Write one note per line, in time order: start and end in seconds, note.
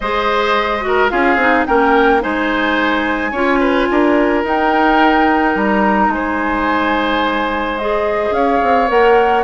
0.00 1.11 G#3
0.00 0.81 G#4
0.00 0.84 C5
0.00 1.09 D#5
0.81 1.08 F#4
0.87 1.11 A#4
1.09 1.36 C#4
1.09 1.36 F4
1.09 1.67 G#4
1.09 1.65 F5
1.36 1.64 C4
1.36 1.66 D#4
1.66 2.23 A#3
1.66 2.20 C#4
1.66 2.22 A#4
1.66 2.21 G5
2.20 3.32 G#3
2.20 3.31 D#4
2.20 3.31 C5
2.20 4.44 G#5
3.31 3.87 C#4
3.31 4.45 F4
3.31 3.59 C#5
3.59 3.87 B4
3.90 4.43 D4
3.90 6.13 A#4
4.43 5.54 D#4
4.43 7.78 D#4
4.43 5.57 G5
5.55 6.08 G3
5.55 6.12 A#5
6.08 8.30 G#3
6.08 8.35 C5
6.08 7.78 G#5
7.78 8.87 G#4
7.78 8.33 D#5
8.30 8.58 C#4
8.30 9.44 C#5
8.30 8.88 F5
8.62 8.89 C4
8.87 9.44 A#3
8.87 9.43 A#4
8.87 9.44 F#5